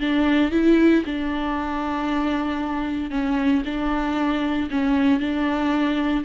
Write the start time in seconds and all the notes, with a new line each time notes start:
0.00 D4
0.51 E4
1.05 D4
3.11 C#4
3.65 D4
4.71 C#4
5.20 D4